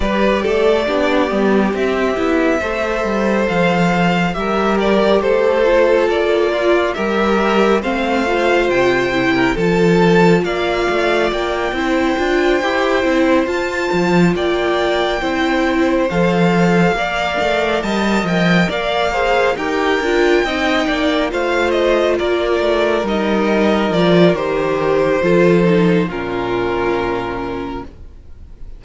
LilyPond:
<<
  \new Staff \with { instrumentName = "violin" } { \time 4/4 \tempo 4 = 69 d''2 e''2 | f''4 e''8 d''8 c''4 d''4 | e''4 f''4 g''4 a''4 | f''4 g''2~ g''8 a''8~ |
a''8 g''2 f''4.~ | f''8 a''8 g''8 f''4 g''4.~ | g''8 f''8 dis''8 d''4 dis''4 d''8 | c''2 ais'2 | }
  \new Staff \with { instrumentName = "violin" } { \time 4/4 b'8 a'8 g'2 c''4~ | c''4 ais'4 a'4. f'8 | ais'4 c''4.~ c''16 ais'16 a'4 | d''4. c''2~ c''8~ |
c''8 d''4 c''2 d''8~ | d''8 dis''4 d''8 c''8 ais'4 dis''8 | d''8 c''4 ais'2~ ais'8~ | ais'4 a'4 f'2 | }
  \new Staff \with { instrumentName = "viola" } { \time 4/4 g'4 d'8 b8 c'8 e'8 a'4~ | a'4 g'4. f'4. | g'4 c'8 f'4 e'8 f'4~ | f'4. e'8 f'8 g'8 e'8 f'8~ |
f'4. e'4 a'4 ais'8~ | ais'2 gis'8 g'8 f'8 dis'8~ | dis'8 f'2 dis'4 f'8 | g'4 f'8 dis'8 cis'2 | }
  \new Staff \with { instrumentName = "cello" } { \time 4/4 g8 a8 b8 g8 c'8 b8 a8 g8 | f4 g4 a4 ais4 | g4 a4 c4 f4 | ais8 a8 ais8 c'8 d'8 e'8 c'8 f'8 |
f8 ais4 c'4 f4 ais8 | a8 g8 f8 ais4 dis'8 d'8 c'8 | ais8 a4 ais8 a8 g4 f8 | dis4 f4 ais,2 | }
>>